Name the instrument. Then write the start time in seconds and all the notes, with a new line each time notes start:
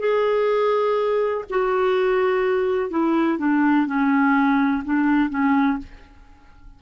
clarinet
0.00 G#4
1.50 F#4
2.91 E4
3.38 D4
3.87 C#4
4.85 D4
5.30 C#4